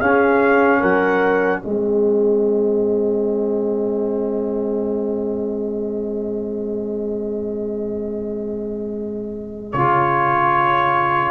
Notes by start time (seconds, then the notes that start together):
0.00 C#4 G#4 F5
0.80 F#3 A#4 F#5
1.61 G#3 C4 G#4 D#5
9.72 C#3 F4 C#5